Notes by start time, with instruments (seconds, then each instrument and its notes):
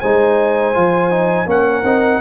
0.00 tuba G#3, trombone D#4, horn C5, trumpet G#5
0.74 tuba F3, trombone F4
1.11 trombone D#4
1.46 tuba A#3, trombone C#4, horn A#4, trumpet F#5
1.84 tuba C4, trombone D#4